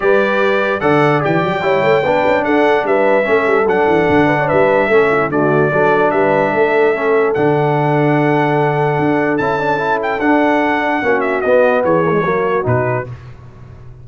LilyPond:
<<
  \new Staff \with { instrumentName = "trumpet" } { \time 4/4 \tempo 4 = 147 d''2 fis''4 g''4~ | g''2 fis''4 e''4~ | e''4 fis''2 e''4~ | e''4 d''2 e''4~ |
e''2 fis''2~ | fis''2. a''4~ | a''8 g''8 fis''2~ fis''8 e''8 | dis''4 cis''2 b'4 | }
  \new Staff \with { instrumentName = "horn" } { \time 4/4 b'2 d''2 | cis''4 b'4 a'4 b'4 | a'2~ a'8 b'16 cis''16 b'4 | a'8 e'8 fis'4 a'4 b'4 |
a'1~ | a'1~ | a'2. fis'4~ | fis'4 gis'4 fis'2 | }
  \new Staff \with { instrumentName = "trombone" } { \time 4/4 g'2 a'4 g'4 | e'4 d'2. | cis'4 d'2. | cis'4 a4 d'2~ |
d'4 cis'4 d'2~ | d'2. e'8 d'8 | e'4 d'2 cis'4 | b4. ais16 gis16 ais4 dis'4 | }
  \new Staff \with { instrumentName = "tuba" } { \time 4/4 g2 d4 e8 fis8 | g8 a8 b8 cis'8 d'4 g4 | a8 g8 fis8 e8 d4 g4 | a4 d4 fis4 g4 |
a2 d2~ | d2 d'4 cis'4~ | cis'4 d'2 ais4 | b4 e4 fis4 b,4 | }
>>